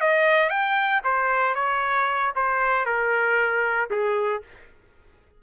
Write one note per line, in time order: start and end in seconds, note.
0.00 0.49 D#5
0.49 1.01 G5
1.04 1.55 C5
1.55 2.33 C#5
2.35 2.85 C5
2.85 3.89 A#4
3.90 4.42 G#4